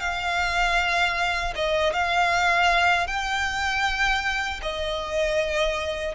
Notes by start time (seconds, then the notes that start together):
0.00 F5
1.56 D#5
1.93 F5
3.07 G5
4.62 D#5